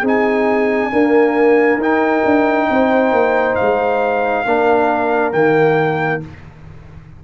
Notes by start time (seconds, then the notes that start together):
0.00 C4 D#4 G#4
0.08 G#5
0.92 A#3 D4 A#4
1.77 D#4 G5
2.25 D4
2.70 C4 C5
3.12 A#3
3.55 F5
3.61 G#3
4.46 A#3 D4 A#4
5.33 D#3 A#3 G5